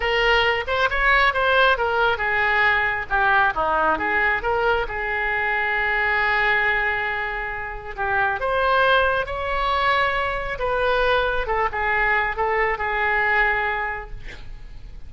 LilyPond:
\new Staff \with { instrumentName = "oboe" } { \time 4/4 \tempo 4 = 136 ais'4. c''8 cis''4 c''4 | ais'4 gis'2 g'4 | dis'4 gis'4 ais'4 gis'4~ | gis'1~ |
gis'2 g'4 c''4~ | c''4 cis''2. | b'2 a'8 gis'4. | a'4 gis'2. | }